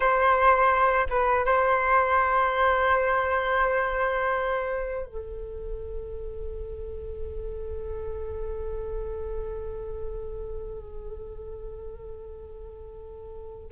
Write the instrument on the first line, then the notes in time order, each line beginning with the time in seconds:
flute
0.00 C5
1.09 B4
1.45 C5
5.06 A4